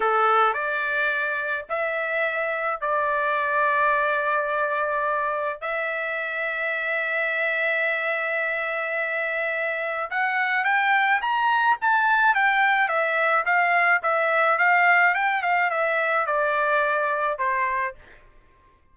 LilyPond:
\new Staff \with { instrumentName = "trumpet" } { \time 4/4 \tempo 4 = 107 a'4 d''2 e''4~ | e''4 d''2.~ | d''2 e''2~ | e''1~ |
e''2 fis''4 g''4 | ais''4 a''4 g''4 e''4 | f''4 e''4 f''4 g''8 f''8 | e''4 d''2 c''4 | }